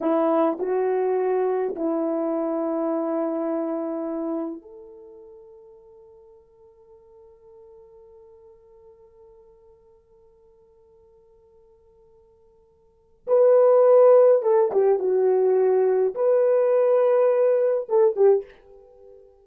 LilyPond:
\new Staff \with { instrumentName = "horn" } { \time 4/4 \tempo 4 = 104 e'4 fis'2 e'4~ | e'1 | a'1~ | a'1~ |
a'1~ | a'2. b'4~ | b'4 a'8 g'8 fis'2 | b'2. a'8 g'8 | }